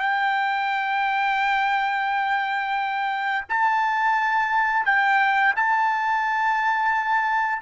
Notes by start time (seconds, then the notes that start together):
0.00 G5
3.49 A5
4.86 G5
5.56 A5